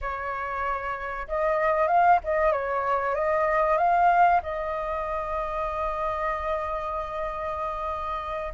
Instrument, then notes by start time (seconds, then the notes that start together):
flute
0.01 C#5
1.28 D#5
1.87 F5
2.24 D#5
2.51 C#5
3.14 D#5
3.77 F5
4.42 D#5